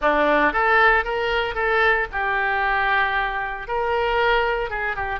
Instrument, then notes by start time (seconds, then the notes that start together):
oboe
0.01 D4
0.52 A4
1.04 A#4
1.54 A4
2.12 G4
3.67 A#4
4.70 G#4
4.96 G4